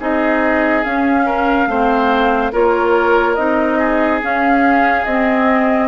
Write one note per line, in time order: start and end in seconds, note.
0.00 0.85 C4
0.00 0.85 D#4
0.00 1.26 G#4
0.00 0.84 D#5
0.84 1.69 C#4
0.84 1.67 C#4
0.84 2.53 F5
1.26 1.68 A#4
1.67 2.51 A3
1.67 2.53 C4
1.67 2.52 C5
2.52 3.38 A#3
2.52 3.37 F4
2.52 3.79 A#4
2.52 3.35 C#5
3.35 4.22 C4
3.35 4.22 D#4
3.35 4.20 D#5
3.79 5.88 G#4
4.22 5.07 C#4
4.22 5.06 C#4
4.22 5.05 F5
5.05 5.88 C4
5.05 5.88 D#5